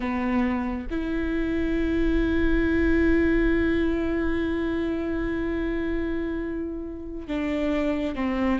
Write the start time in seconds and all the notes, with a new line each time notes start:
0.00 B3
0.90 E4
7.27 D4
8.15 C4